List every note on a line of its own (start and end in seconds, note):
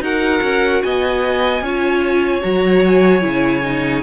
0.00 0.40 D#4
0.00 1.62 F#4
0.00 0.84 A#4
0.00 0.82 F#5
0.42 0.82 C#4
0.82 1.61 B3
0.82 1.64 D#5
0.82 2.42 G#5
1.61 2.41 C#4
1.61 2.42 F4
1.61 4.03 C#5
2.42 3.24 F#3
2.42 3.21 F#4
2.42 2.83 A#5
2.86 4.03 G#5
3.21 4.03 C#3
3.21 3.61 E4
3.63 4.03 D#4